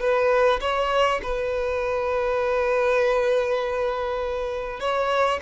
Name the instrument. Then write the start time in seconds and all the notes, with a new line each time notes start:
violin
0.00 B4
0.61 C#5
1.23 B4
4.80 C#5